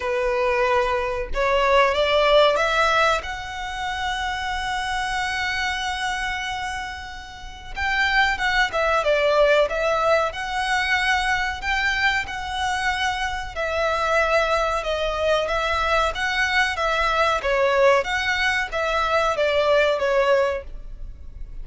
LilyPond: \new Staff \with { instrumentName = "violin" } { \time 4/4 \tempo 4 = 93 b'2 cis''4 d''4 | e''4 fis''2.~ | fis''1 | g''4 fis''8 e''8 d''4 e''4 |
fis''2 g''4 fis''4~ | fis''4 e''2 dis''4 | e''4 fis''4 e''4 cis''4 | fis''4 e''4 d''4 cis''4 | }